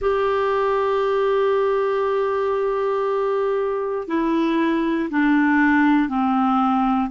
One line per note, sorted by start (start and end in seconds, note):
0.00 4.07 G4
4.07 5.09 E4
5.10 6.08 D4
6.08 7.10 C4